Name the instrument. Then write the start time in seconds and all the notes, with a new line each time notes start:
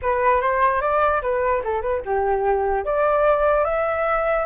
flute
0.02 B4
0.41 C5
0.81 D5
1.22 B4
1.64 A4
1.81 B4
2.05 G4
2.85 D5
3.64 E5